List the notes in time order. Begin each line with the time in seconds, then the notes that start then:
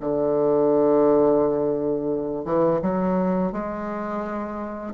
0.00 D3
2.45 E3
2.81 F#3
3.52 G#3